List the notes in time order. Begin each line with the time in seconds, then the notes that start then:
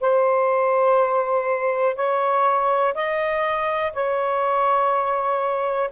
0.00 C5
1.95 C#5
2.94 D#5
3.93 C#5